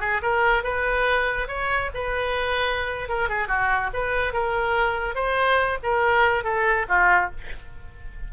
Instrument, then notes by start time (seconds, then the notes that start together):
oboe
0.00 G#4
0.22 A#4
0.64 B4
1.48 C#5
1.94 B4
3.09 A#4
3.29 G#4
3.48 F#4
3.93 B4
4.33 A#4
5.15 C5
5.83 A#4
6.44 A4
6.88 F4